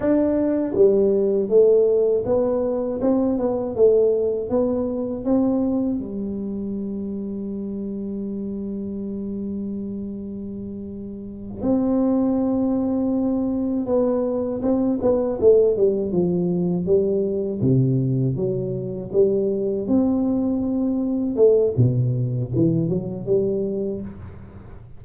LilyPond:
\new Staff \with { instrumentName = "tuba" } { \time 4/4 \tempo 4 = 80 d'4 g4 a4 b4 | c'8 b8 a4 b4 c'4 | g1~ | g2.~ g8 c'8~ |
c'2~ c'8 b4 c'8 | b8 a8 g8 f4 g4 c8~ | c8 fis4 g4 c'4.~ | c'8 a8 b,4 e8 fis8 g4 | }